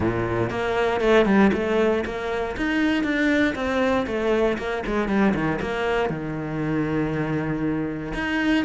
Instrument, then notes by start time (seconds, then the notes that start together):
cello
0.00 A#2
0.49 A#3
1.00 A3
1.25 G3
1.53 A3
2.05 A#3
2.56 D#4
3.03 D4
3.55 C4
4.07 A3
4.58 A#3
4.86 G#3
5.08 G3
5.34 D#3
5.61 A#3
6.09 D#3
8.14 D#4